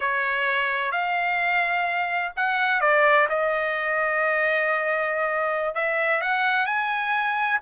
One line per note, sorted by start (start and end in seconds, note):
0.00 0.91 C#5
0.91 2.32 F5
2.36 2.80 F#5
2.80 3.27 D5
3.29 5.74 D#5
5.74 6.21 E5
6.21 6.66 F#5
6.66 7.59 G#5